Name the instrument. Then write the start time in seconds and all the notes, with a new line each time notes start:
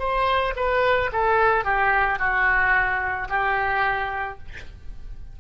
oboe
0.00 C5
0.57 B4
1.13 A4
1.65 G4
2.20 F#4
3.30 G4